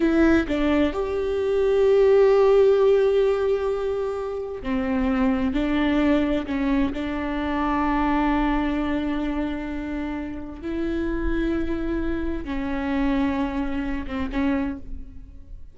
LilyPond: \new Staff \with { instrumentName = "viola" } { \time 4/4 \tempo 4 = 130 e'4 d'4 g'2~ | g'1~ | g'2 c'2 | d'2 cis'4 d'4~ |
d'1~ | d'2. e'4~ | e'2. cis'4~ | cis'2~ cis'8 c'8 cis'4 | }